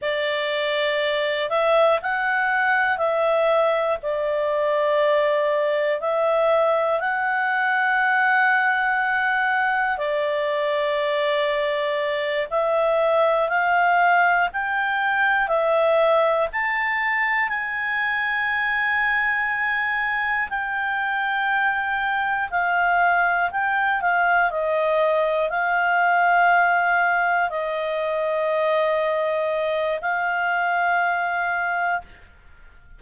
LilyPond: \new Staff \with { instrumentName = "clarinet" } { \time 4/4 \tempo 4 = 60 d''4. e''8 fis''4 e''4 | d''2 e''4 fis''4~ | fis''2 d''2~ | d''8 e''4 f''4 g''4 e''8~ |
e''8 a''4 gis''2~ gis''8~ | gis''8 g''2 f''4 g''8 | f''8 dis''4 f''2 dis''8~ | dis''2 f''2 | }